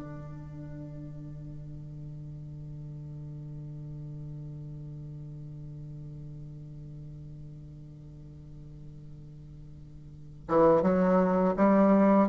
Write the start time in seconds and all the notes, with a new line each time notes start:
0.00 D3
10.48 E3
10.82 F#3
11.57 G3